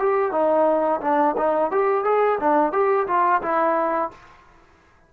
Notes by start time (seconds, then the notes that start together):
0.00 G4
0.32 D#4
1.01 D4
1.37 D#4
1.71 G4
2.05 G#4
2.40 D4
2.73 G4
3.08 F4
3.42 E4